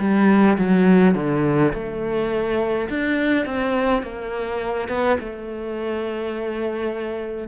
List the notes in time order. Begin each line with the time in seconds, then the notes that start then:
0.00 G3
0.58 F#3
1.15 D3
1.74 A3
2.90 D4
3.46 C4
4.03 A#3
4.89 B3
5.20 A3